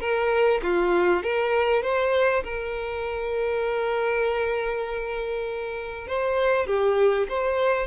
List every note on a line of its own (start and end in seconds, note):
0.00 0.61 A#4
0.63 1.23 F4
1.23 1.83 A#4
1.83 2.43 C5
2.44 6.07 A#4
6.07 6.67 C5
6.67 7.27 G4
7.28 7.87 C5